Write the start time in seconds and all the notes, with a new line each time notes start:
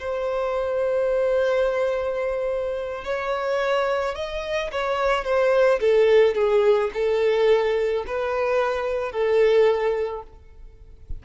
0.00 C5
3.05 C#5
4.15 D#5
4.72 C#5
5.24 C5
5.81 A4
6.35 G#4
6.94 A4
8.07 B4
9.12 A4